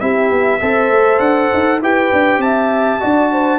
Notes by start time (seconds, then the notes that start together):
0.00 C4 E4 G4 E5
0.30 B3
0.61 C4 A4 C5
0.90 A3
1.20 D4 F#5
1.53 D#4
1.81 E4 G4 B4 G5
2.13 D4
2.38 C4 E5 A5
3.00 D4 F#4 D5
3.32 C5